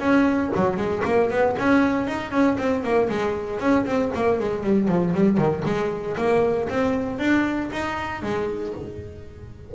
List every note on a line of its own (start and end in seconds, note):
0.00 0.51 C#4
0.56 0.77 F#3
0.77 1.03 G#3
1.05 1.31 A#3
1.31 1.56 B3
1.59 2.08 C#4
2.08 2.31 D#4
2.31 2.57 C#4
2.59 2.83 C4
2.83 3.09 A#3
3.10 3.60 G#3
3.60 3.86 C#4
3.86 4.12 C4
4.15 4.40 A#3
4.40 4.64 G#3
4.64 4.88 G3
4.88 5.14 F3
5.15 5.38 G3
5.38 5.64 D#3
5.65 6.17 G#3
6.17 6.69 A#3
6.70 7.19 C4
7.19 7.70 D4
7.73 8.23 D#4
8.23 8.74 G#3